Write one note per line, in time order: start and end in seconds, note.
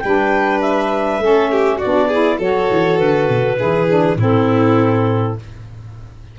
0.00 1.19 G3
0.00 1.21 D4
0.00 1.24 B4
0.00 0.59 G5
0.62 1.79 E5
1.19 1.78 A3
1.19 1.80 C#4
1.19 1.52 A4
1.52 1.78 G4
1.78 2.12 D4
1.78 2.08 F#4
1.78 2.39 D5
1.85 2.39 B3
2.08 2.41 E4
2.08 2.37 G#4
2.38 2.69 F#3
2.38 3.58 F#4
2.38 3.57 A4
2.38 2.99 C#5
2.71 3.00 E3
2.99 3.29 D3
2.99 4.17 B4
3.29 3.59 B2
3.58 4.16 E3
3.58 3.87 E4
3.58 4.18 G#4
3.88 4.18 D4
4.16 5.35 A2
4.16 5.38 C4
4.16 5.38 E4
4.16 5.39 A4